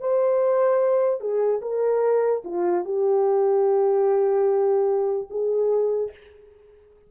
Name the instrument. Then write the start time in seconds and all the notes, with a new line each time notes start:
horn
0.00 C5
1.21 G#4
1.62 A#4
2.44 F4
2.85 G4
5.30 G#4